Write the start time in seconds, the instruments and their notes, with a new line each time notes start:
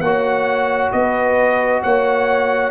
0.00 tuba A#3, trombone F#4, horn C#5, trumpet F#5
0.92 tuba B3, horn B4, trumpet D#5
1.83 tuba A#3, horn C#5, trumpet F#5